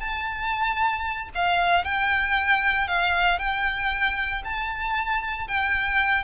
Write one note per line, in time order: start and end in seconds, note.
0.00 1.29 A5
1.35 1.85 F5
1.85 2.88 G5
2.88 3.39 F5
3.39 4.42 G5
4.44 5.48 A5
5.48 6.24 G5